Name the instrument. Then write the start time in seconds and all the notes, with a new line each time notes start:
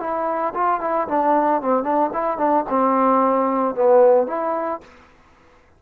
trombone
0.00 E4
0.55 F4
0.81 E4
1.08 D4
1.62 C4
1.84 D4
2.14 E4
2.38 D4
2.70 C4
3.75 B3
4.27 E4